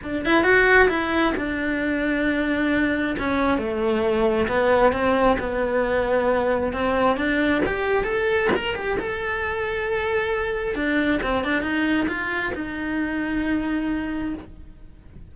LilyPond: \new Staff \with { instrumentName = "cello" } { \time 4/4 \tempo 4 = 134 d'8 e'8 fis'4 e'4 d'4~ | d'2. cis'4 | a2 b4 c'4 | b2. c'4 |
d'4 g'4 a'4 ais'8 g'8 | a'1 | d'4 c'8 d'8 dis'4 f'4 | dis'1 | }